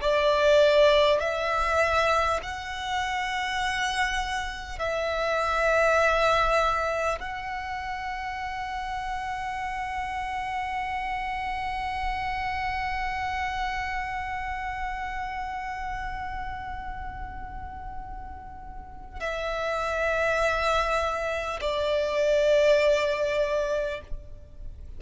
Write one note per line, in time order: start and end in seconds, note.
0.00 1.20 D5
1.20 2.40 E5
2.43 4.78 F#5
4.78 7.18 E5
7.20 19.20 F#5
19.20 21.60 E5
21.61 24.01 D5